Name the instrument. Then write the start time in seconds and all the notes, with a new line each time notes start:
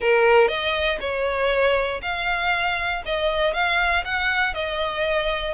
violin
0.00 A#4
0.48 D#5
1.00 C#5
2.01 F5
3.05 D#5
3.53 F5
4.05 F#5
4.54 D#5